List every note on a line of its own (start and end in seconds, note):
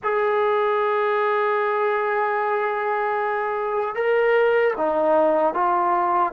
0.03 3.95 G#4
3.95 4.74 A#4
4.77 5.54 D#4
5.54 6.32 F4